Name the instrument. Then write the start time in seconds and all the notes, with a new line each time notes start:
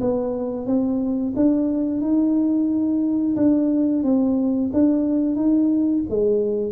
tuba
0.00 B3
0.66 C4
1.36 D4
2.00 D#4
3.36 D4
4.03 C4
4.73 D4
5.35 D#4
6.09 G#3